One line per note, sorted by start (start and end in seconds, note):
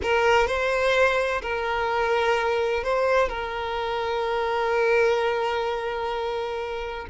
0.02 0.47 A#4
0.47 1.41 C5
1.42 2.83 A#4
2.83 3.28 C5
3.28 7.06 A#4